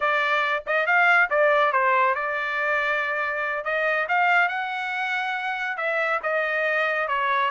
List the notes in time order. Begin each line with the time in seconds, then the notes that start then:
0.00 D5
0.66 D#5
0.86 F5
1.30 D5
1.72 C5
2.14 D5
3.64 D#5
4.08 F5
4.48 F#5
5.77 E5
6.22 D#5
7.08 C#5